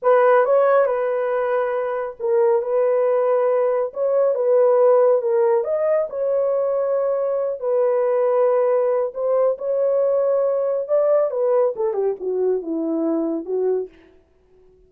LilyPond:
\new Staff \with { instrumentName = "horn" } { \time 4/4 \tempo 4 = 138 b'4 cis''4 b'2~ | b'4 ais'4 b'2~ | b'4 cis''4 b'2 | ais'4 dis''4 cis''2~ |
cis''4. b'2~ b'8~ | b'4 c''4 cis''2~ | cis''4 d''4 b'4 a'8 g'8 | fis'4 e'2 fis'4 | }